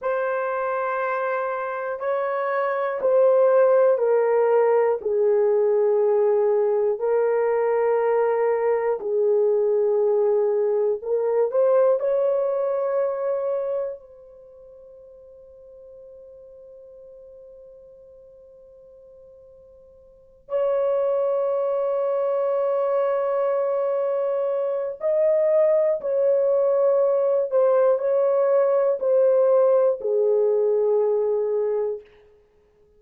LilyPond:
\new Staff \with { instrumentName = "horn" } { \time 4/4 \tempo 4 = 60 c''2 cis''4 c''4 | ais'4 gis'2 ais'4~ | ais'4 gis'2 ais'8 c''8 | cis''2 c''2~ |
c''1~ | c''8 cis''2.~ cis''8~ | cis''4 dis''4 cis''4. c''8 | cis''4 c''4 gis'2 | }